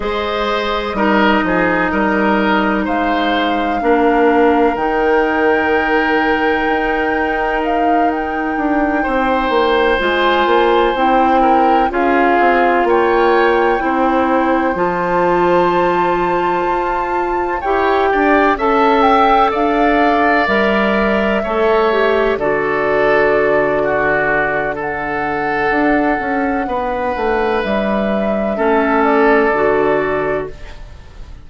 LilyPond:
<<
  \new Staff \with { instrumentName = "flute" } { \time 4/4 \tempo 4 = 63 dis''2. f''4~ | f''4 g''2. | f''8 g''2 gis''4 g''8~ | g''8 f''4 g''2 a''8~ |
a''2~ a''8 g''4 a''8 | g''8 f''4 e''2 d''8~ | d''2 fis''2~ | fis''4 e''4. d''4. | }
  \new Staff \with { instrumentName = "oboe" } { \time 4/4 c''4 ais'8 gis'8 ais'4 c''4 | ais'1~ | ais'4. c''2~ c''8 | ais'8 gis'4 cis''4 c''4.~ |
c''2~ c''8 cis''8 d''8 e''8~ | e''8 d''2 cis''4 a'8~ | a'4 fis'4 a'2 | b'2 a'2 | }
  \new Staff \with { instrumentName = "clarinet" } { \time 4/4 gis'4 dis'2. | d'4 dis'2.~ | dis'2~ dis'8 f'4 e'8~ | e'8 f'2 e'4 f'8~ |
f'2~ f'8 g'4 a'8~ | a'4. ais'4 a'8 g'8 fis'8~ | fis'2 d'2~ | d'2 cis'4 fis'4 | }
  \new Staff \with { instrumentName = "bassoon" } { \time 4/4 gis4 g8 f8 g4 gis4 | ais4 dis2 dis'4~ | dis'4 d'8 c'8 ais8 gis8 ais8 c'8~ | c'8 cis'8 c'8 ais4 c'4 f8~ |
f4. f'4 e'8 d'8 cis'8~ | cis'8 d'4 g4 a4 d8~ | d2. d'8 cis'8 | b8 a8 g4 a4 d4 | }
>>